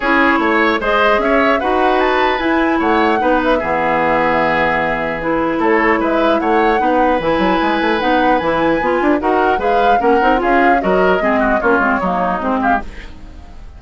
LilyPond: <<
  \new Staff \with { instrumentName = "flute" } { \time 4/4 \tempo 4 = 150 cis''2 dis''4 e''4 | fis''4 a''4 gis''4 fis''4~ | fis''8 e''2.~ e''8~ | e''4 b'4 cis''4 e''4 |
fis''2 gis''2 | fis''4 gis''2 fis''4 | f''4 fis''4 f''4 dis''4~ | dis''4 cis''2 c''8 f''8 | }
  \new Staff \with { instrumentName = "oboe" } { \time 4/4 gis'4 cis''4 c''4 cis''4 | b'2. cis''4 | b'4 gis'2.~ | gis'2 a'4 b'4 |
cis''4 b'2.~ | b'2. ais'4 | b'4 ais'4 gis'4 ais'4 | gis'8 fis'8 f'4 dis'4. g'8 | }
  \new Staff \with { instrumentName = "clarinet" } { \time 4/4 e'2 gis'2 | fis'2 e'2 | dis'4 b2.~ | b4 e'2.~ |
e'4 dis'4 e'2 | dis'4 e'4 f'4 fis'4 | gis'4 cis'8 dis'8 f'4 fis'4 | c'4 cis'8 c'8 ais4 c'4 | }
  \new Staff \with { instrumentName = "bassoon" } { \time 4/4 cis'4 a4 gis4 cis'4 | dis'2 e'4 a4 | b4 e2.~ | e2 a4 gis4 |
a4 b4 e8 fis8 gis8 a8 | b4 e4 b8 d'8 dis'4 | gis4 ais8 c'8 cis'4 fis4 | gis4 ais8 gis8 fis4 gis4 | }
>>